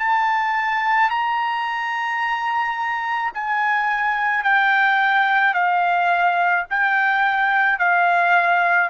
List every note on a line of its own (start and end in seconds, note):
0.00 1.11 A5
1.11 3.33 A#5
3.34 4.44 G#5
4.44 5.55 G5
5.55 6.66 F5
6.71 7.79 G5
7.79 8.90 F5